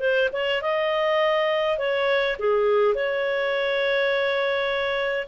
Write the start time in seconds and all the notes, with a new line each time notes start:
0.00 C5
0.33 C#5
0.62 D#5
1.78 C#5
2.39 G#4
2.95 C#5